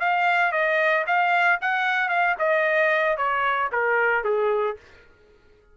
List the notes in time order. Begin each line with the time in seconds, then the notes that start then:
0.00 F5
0.52 D#5
1.06 F5
1.61 F#5
2.09 F5
2.39 D#5
3.17 C#5
3.72 A#4
4.24 G#4